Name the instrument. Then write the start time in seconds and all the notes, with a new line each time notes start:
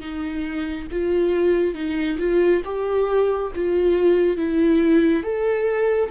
viola
0.00 D#4
0.91 F4
1.74 D#4
2.19 F4
2.65 G4
3.55 F4
4.37 E4
5.23 A4